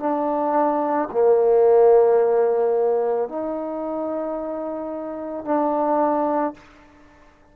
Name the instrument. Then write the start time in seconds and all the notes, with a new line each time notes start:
trombone
0.00 D4
1.12 A#3
3.29 D#4
5.45 D4